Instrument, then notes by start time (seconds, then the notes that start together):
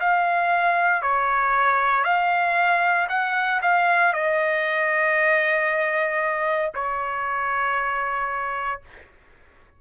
trumpet
0.00 F5
1.02 C#5
2.04 F5
3.09 F#5
3.62 F5
4.13 D#5
6.74 C#5